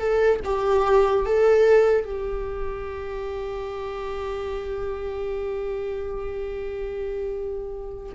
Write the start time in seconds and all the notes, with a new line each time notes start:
0.00 A4
0.45 G4
1.26 A4
2.05 G4